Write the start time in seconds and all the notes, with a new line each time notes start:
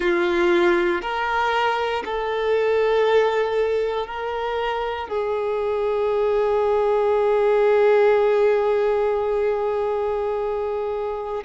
0.00 F4
1.01 A#4
2.04 A4
4.06 A#4
5.08 G#4